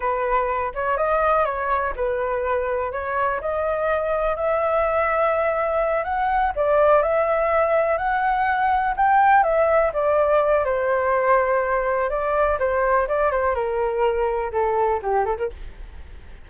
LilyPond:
\new Staff \with { instrumentName = "flute" } { \time 4/4 \tempo 4 = 124 b'4. cis''8 dis''4 cis''4 | b'2 cis''4 dis''4~ | dis''4 e''2.~ | e''8 fis''4 d''4 e''4.~ |
e''8 fis''2 g''4 e''8~ | e''8 d''4. c''2~ | c''4 d''4 c''4 d''8 c''8 | ais'2 a'4 g'8 a'16 ais'16 | }